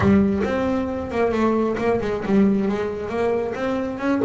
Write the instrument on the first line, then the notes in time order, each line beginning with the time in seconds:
double bass
0.00 G3
0.44 C4
1.11 A#3
1.31 A3
1.78 A#3
2.01 G#3
2.25 G3
2.68 G#3
3.09 A#3
3.55 C4
3.98 C#4